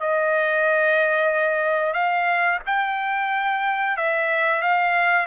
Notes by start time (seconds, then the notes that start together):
0.00 D#5
1.93 F5
2.66 G5
3.97 E5
4.62 F5